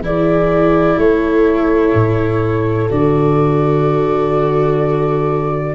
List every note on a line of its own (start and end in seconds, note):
0.00 0.95 E3
0.00 2.88 E4
0.00 0.97 G#4
0.00 0.99 D5
0.97 1.93 A3
0.97 5.73 A4
0.97 2.89 C#5
1.94 2.89 A2
2.89 5.74 D3
2.89 5.74 F#4
2.89 5.74 D5